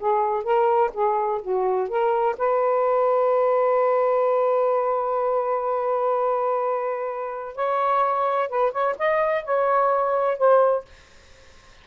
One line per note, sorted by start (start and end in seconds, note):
0.00 0.44 G#4
0.44 0.91 A#4
0.94 1.41 G#4
1.42 1.89 F#4
1.89 2.36 A#4
2.38 7.55 B4
7.55 8.49 C#5
8.49 8.72 B4
8.72 8.96 C#5
8.99 9.45 D#5
9.45 10.38 C#5
10.38 10.85 C5